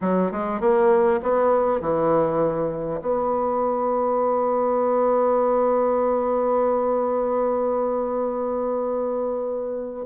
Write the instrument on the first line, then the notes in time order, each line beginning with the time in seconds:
bassoon
0.01 F#3
0.31 G#3
0.60 A#3
1.22 B3
1.80 E3
3.01 B3